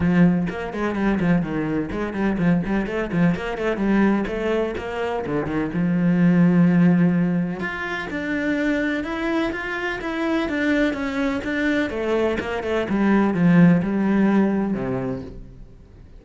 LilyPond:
\new Staff \with { instrumentName = "cello" } { \time 4/4 \tempo 4 = 126 f4 ais8 gis8 g8 f8 dis4 | gis8 g8 f8 g8 a8 f8 ais8 a8 | g4 a4 ais4 d8 dis8 | f1 |
f'4 d'2 e'4 | f'4 e'4 d'4 cis'4 | d'4 a4 ais8 a8 g4 | f4 g2 c4 | }